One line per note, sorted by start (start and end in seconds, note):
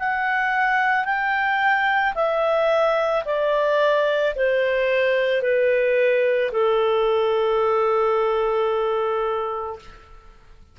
0.00 1.05 F#5
1.05 2.14 G5
2.15 3.24 E5
3.26 4.35 D5
4.36 5.42 C5
5.42 6.52 B4
6.52 9.79 A4